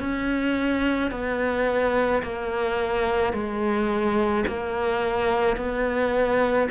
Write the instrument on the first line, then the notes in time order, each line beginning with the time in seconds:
cello
0.00 C#4
1.11 B3
2.23 A#3
3.33 G#3
4.47 A#3
5.57 B3